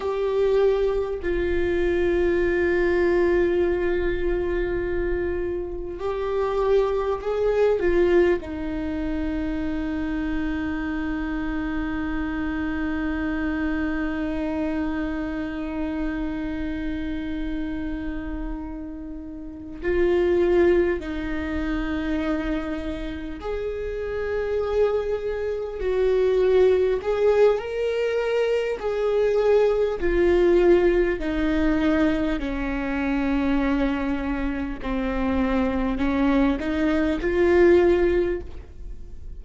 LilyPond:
\new Staff \with { instrumentName = "viola" } { \time 4/4 \tempo 4 = 50 g'4 f'2.~ | f'4 g'4 gis'8 f'8 dis'4~ | dis'1~ | dis'1~ |
dis'8 f'4 dis'2 gis'8~ | gis'4. fis'4 gis'8 ais'4 | gis'4 f'4 dis'4 cis'4~ | cis'4 c'4 cis'8 dis'8 f'4 | }